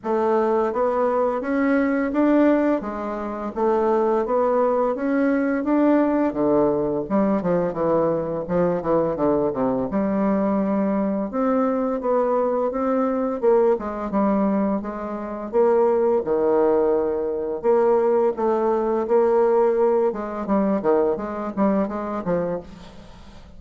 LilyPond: \new Staff \with { instrumentName = "bassoon" } { \time 4/4 \tempo 4 = 85 a4 b4 cis'4 d'4 | gis4 a4 b4 cis'4 | d'4 d4 g8 f8 e4 | f8 e8 d8 c8 g2 |
c'4 b4 c'4 ais8 gis8 | g4 gis4 ais4 dis4~ | dis4 ais4 a4 ais4~ | ais8 gis8 g8 dis8 gis8 g8 gis8 f8 | }